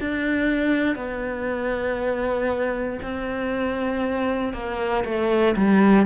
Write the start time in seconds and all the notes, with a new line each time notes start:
0.00 D4
0.95 B3
3.02 C4
4.53 A#3
5.04 A3
5.56 G3